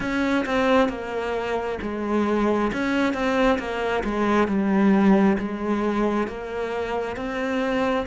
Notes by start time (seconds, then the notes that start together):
0.00 C#4
0.45 C4
0.88 A#3
1.82 G#3
2.72 C#4
3.13 C4
3.58 A#3
4.03 G#3
4.47 G3
5.38 G#3
6.27 A#3
7.16 C4